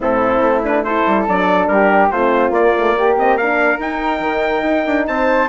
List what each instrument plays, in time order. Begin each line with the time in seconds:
0.00 bassoon A2, horn C4, flute E4, trumpet A4
0.39 bassoon A3
0.63 horn D4, trumpet B4
0.83 horn E4, flute A4, trumpet C5
1.06 bassoon G3
1.27 bassoon F#3, horn D4, trumpet D5
1.67 bassoon G3, flute G4, trumpet A#4
2.10 bassoon A3, horn C4, flute F4, trumpet C5
2.50 bassoon A#3, horn A#3, trumpet D5
2.76 horn A3
2.94 horn A#3, flute G4
3.17 horn C4, trumpet D#5
3.36 horn D4, flute A#4, trumpet F5
3.78 bassoon D#4, horn D#4, trumpet G5
4.19 bassoon D#3
4.62 bassoon D#4
4.86 bassoon D4
5.07 bassoon C4, flute C5, trumpet A5